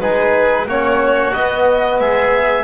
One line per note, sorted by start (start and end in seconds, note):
0.00 0.66 G#3
0.00 0.68 D#4
0.00 0.67 G#4
0.00 0.67 B4
0.66 1.33 A#3
0.66 1.36 C#4
0.66 2.00 F#4
0.66 1.34 C#5
1.34 2.00 B3
1.34 2.64 B3
1.34 2.00 D#5
2.00 2.64 G#3
2.00 2.64 G#4
2.00 2.64 E5